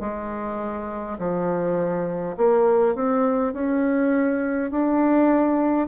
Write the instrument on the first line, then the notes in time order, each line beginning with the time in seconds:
bassoon
0.00 G#3
1.18 F3
2.36 A#3
2.95 C4
3.53 C#4
4.71 D4